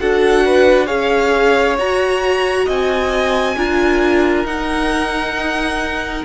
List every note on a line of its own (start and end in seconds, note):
0.00 0.90 D4
0.00 0.86 F#4
0.00 0.45 A4
0.00 0.87 F#5
0.45 0.86 B4
0.86 1.78 C#4
0.86 1.76 G#4
0.86 2.65 C#5
0.86 1.76 F5
1.78 2.68 F#4
1.78 3.57 F#4
1.78 2.69 A#5
2.65 3.56 C4
2.65 3.55 D#5
2.65 4.46 G#5
3.56 4.45 D4
3.56 4.46 F4
3.56 6.25 A#4
4.45 6.24 D#4
4.45 6.25 D#4
4.45 6.25 F#5